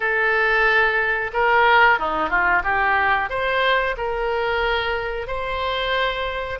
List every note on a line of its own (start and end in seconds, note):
0.00 1.31 A4
1.33 1.99 A#4
1.99 2.29 D#4
2.29 2.62 F4
2.63 3.29 G4
3.29 3.95 C5
3.97 5.27 A#4
5.27 6.59 C5